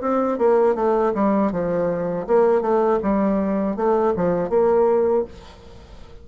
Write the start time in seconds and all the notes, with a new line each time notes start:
0.00 C4
0.38 A#3
0.75 A3
1.14 G3
1.51 F3
2.26 A#3
2.61 A3
3.02 G3
3.76 A3
4.16 F3
4.49 A#3